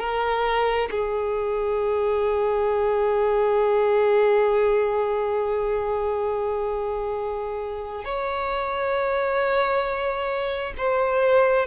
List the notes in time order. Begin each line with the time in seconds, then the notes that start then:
0.00 A#4
0.92 G#4
8.05 C#5
10.78 C5